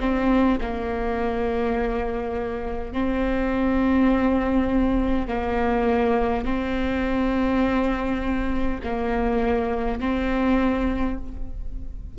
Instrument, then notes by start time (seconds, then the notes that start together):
viola
0.00 C4
0.61 A#3
2.93 C4
5.28 A#3
6.45 C4
8.83 A#3
10.00 C4